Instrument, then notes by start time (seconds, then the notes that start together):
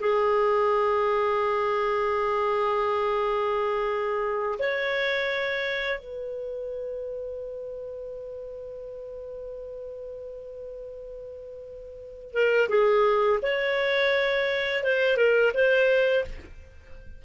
clarinet
0.00 G#4
4.59 C#5
5.99 B4
12.33 A#4
12.69 G#4
13.42 C#5
14.84 C5
15.17 A#4
15.54 C5